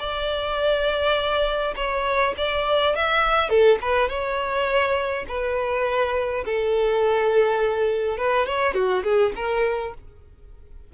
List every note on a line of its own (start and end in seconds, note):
0.00 1.75 D5
1.77 2.35 C#5
2.38 2.96 D5
2.96 3.50 E5
3.50 3.79 A4
3.82 4.09 B4
4.09 5.26 C#5
5.29 6.45 B4
6.46 8.18 A4
8.18 8.47 B4
8.47 8.75 C#5
8.75 9.04 F#4
9.04 9.33 G#4
9.36 9.94 A#4